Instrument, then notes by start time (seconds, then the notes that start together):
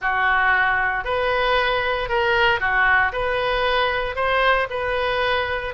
oboe
0.01 F#4
1.04 B4
2.08 A#4
2.59 F#4
3.12 B4
4.15 C5
4.70 B4